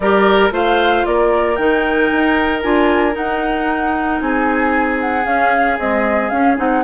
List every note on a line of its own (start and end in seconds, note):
0.00 0.51 G3
0.00 0.51 G4
0.00 0.53 A#4
0.00 0.51 D5
0.51 1.03 A3
0.51 1.56 F4
0.51 1.05 C5
0.51 1.05 F5
1.05 1.57 A#3
1.05 4.23 A#4
1.05 1.55 D5
1.55 2.10 D#3
1.55 2.62 D#4
1.55 2.61 G5
2.11 2.63 D#4
2.62 3.16 D4
2.62 3.12 F4
2.62 3.15 G#5
3.12 5.22 D#4
3.12 4.21 D#4
3.12 4.20 F#5
4.20 5.25 C4
4.20 6.83 G#4
4.20 4.99 G#5
5.00 5.25 F#5
5.25 5.77 C#4
5.25 5.78 C#4
5.25 5.78 F5
5.78 6.31 G#3
5.78 6.30 C4
5.78 6.28 D#5
6.28 6.57 C#4
6.28 6.55 F5
6.57 6.83 C4
6.57 6.83 D#4
6.57 6.83 F#5